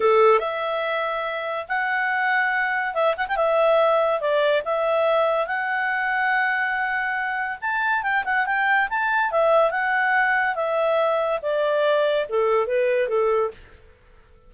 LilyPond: \new Staff \with { instrumentName = "clarinet" } { \time 4/4 \tempo 4 = 142 a'4 e''2. | fis''2. e''8 fis''16 g''16 | e''2 d''4 e''4~ | e''4 fis''2.~ |
fis''2 a''4 g''8 fis''8 | g''4 a''4 e''4 fis''4~ | fis''4 e''2 d''4~ | d''4 a'4 b'4 a'4 | }